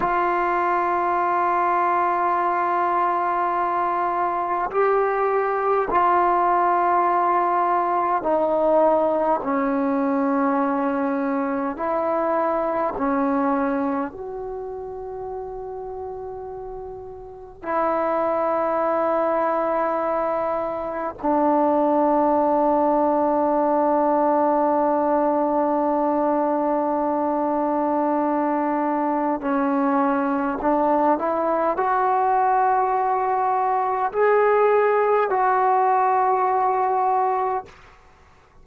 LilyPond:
\new Staff \with { instrumentName = "trombone" } { \time 4/4 \tempo 4 = 51 f'1 | g'4 f'2 dis'4 | cis'2 e'4 cis'4 | fis'2. e'4~ |
e'2 d'2~ | d'1~ | d'4 cis'4 d'8 e'8 fis'4~ | fis'4 gis'4 fis'2 | }